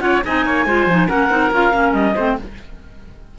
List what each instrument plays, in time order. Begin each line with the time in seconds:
0.00 cello C#4, clarinet F4 F#5, oboe C#5
0.25 cello C4, clarinet D#4 G#5, oboe D#5
0.45 cello A#3, oboe C#5
0.65 cello G#3, clarinet F4, oboe C5
0.86 cello F3, clarinet D#4
1.07 cello A#3, clarinet C#4 F#5, oboe A#4
1.30 cello C4, clarinet D#4
1.51 cello C#4, clarinet F4 F5
1.72 cello A#3, clarinet C#4
1.93 cello G3, clarinet D#5
2.15 cello A3, clarinet C4, oboe C5